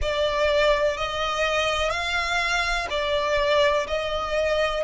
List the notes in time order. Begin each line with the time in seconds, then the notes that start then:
0.01 D5
0.97 D#5
1.90 F5
2.89 D5
3.87 D#5